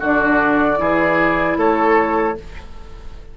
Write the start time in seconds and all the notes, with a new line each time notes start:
0.00 D3 D4 F#4 D5
0.77 E3 E4 G#4
1.57 A3 A4 C#5